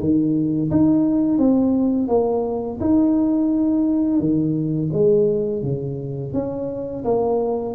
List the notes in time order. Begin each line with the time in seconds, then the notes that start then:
0.00 D#3
0.71 D#4
1.39 C4
2.08 A#3
2.81 D#4
4.20 D#3
4.93 G#3
5.63 C#3
6.34 C#4
7.05 A#3